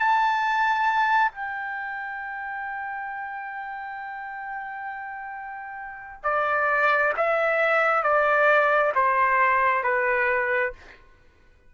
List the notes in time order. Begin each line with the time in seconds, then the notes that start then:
0.00 A5
1.32 G5
6.24 D5
7.17 E5
8.03 D5
8.95 C5
9.84 B4